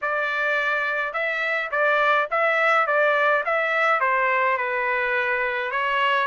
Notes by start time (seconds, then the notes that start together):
0.01 D5
1.13 E5
1.71 D5
2.30 E5
2.86 D5
3.45 E5
4.00 C5
4.57 B4
5.71 C#5